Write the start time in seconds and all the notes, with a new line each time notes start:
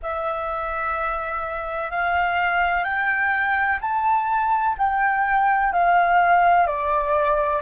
0.02 E5
1.90 F5
2.84 G5
3.81 A5
4.77 G5
5.72 F5
6.66 D5